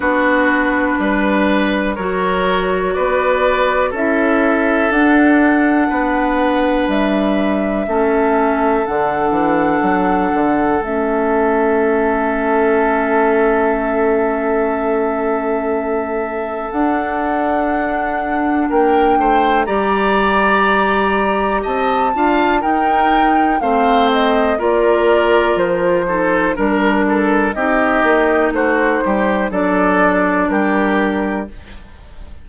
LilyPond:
<<
  \new Staff \with { instrumentName = "flute" } { \time 4/4 \tempo 4 = 61 b'2 cis''4 d''4 | e''4 fis''2 e''4~ | e''4 fis''2 e''4~ | e''1~ |
e''4 fis''2 g''4 | ais''2 a''4 g''4 | f''8 dis''8 d''4 c''4 ais'4 | dis''4 c''4 d''4 ais'4 | }
  \new Staff \with { instrumentName = "oboe" } { \time 4/4 fis'4 b'4 ais'4 b'4 | a'2 b'2 | a'1~ | a'1~ |
a'2. ais'8 c''8 | d''2 dis''8 f''8 ais'4 | c''4 ais'4. a'8 ais'8 a'8 | g'4 fis'8 g'8 a'4 g'4 | }
  \new Staff \with { instrumentName = "clarinet" } { \time 4/4 d'2 fis'2 | e'4 d'2. | cis'4 d'2 cis'4~ | cis'1~ |
cis'4 d'2. | g'2~ g'8 f'8 dis'4 | c'4 f'4. dis'8 d'4 | dis'2 d'2 | }
  \new Staff \with { instrumentName = "bassoon" } { \time 4/4 b4 g4 fis4 b4 | cis'4 d'4 b4 g4 | a4 d8 e8 fis8 d8 a4~ | a1~ |
a4 d'2 ais8 a8 | g2 c'8 d'8 dis'4 | a4 ais4 f4 g4 | c'8 ais8 a8 g8 fis4 g4 | }
>>